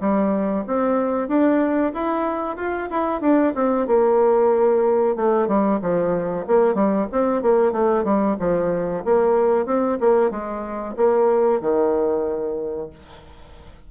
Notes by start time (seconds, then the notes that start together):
0.00 G3
0.67 C4
1.28 D4
1.93 E4
2.56 F4
2.90 E4
3.21 D4
3.55 C4
3.87 A#3
5.16 A3
5.48 G3
5.82 F3
6.47 A#3
6.74 G3
7.11 C4
7.42 A#3
7.72 A3
8.04 G3
8.39 F3
9.04 A#3
9.66 C4
10.00 A#3
10.30 G#3
10.96 A#3
11.61 D#3